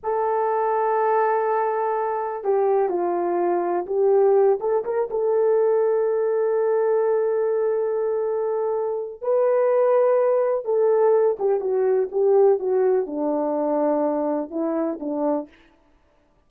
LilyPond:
\new Staff \with { instrumentName = "horn" } { \time 4/4 \tempo 4 = 124 a'1~ | a'4 g'4 f'2 | g'4. a'8 ais'8 a'4.~ | a'1~ |
a'2. b'4~ | b'2 a'4. g'8 | fis'4 g'4 fis'4 d'4~ | d'2 e'4 d'4 | }